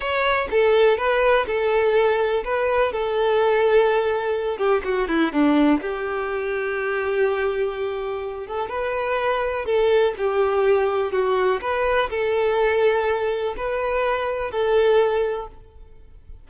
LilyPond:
\new Staff \with { instrumentName = "violin" } { \time 4/4 \tempo 4 = 124 cis''4 a'4 b'4 a'4~ | a'4 b'4 a'2~ | a'4. g'8 fis'8 e'8 d'4 | g'1~ |
g'4. a'8 b'2 | a'4 g'2 fis'4 | b'4 a'2. | b'2 a'2 | }